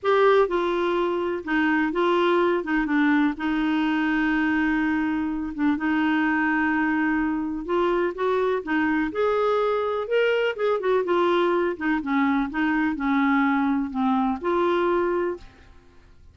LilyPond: \new Staff \with { instrumentName = "clarinet" } { \time 4/4 \tempo 4 = 125 g'4 f'2 dis'4 | f'4. dis'8 d'4 dis'4~ | dis'2.~ dis'8 d'8 | dis'1 |
f'4 fis'4 dis'4 gis'4~ | gis'4 ais'4 gis'8 fis'8 f'4~ | f'8 dis'8 cis'4 dis'4 cis'4~ | cis'4 c'4 f'2 | }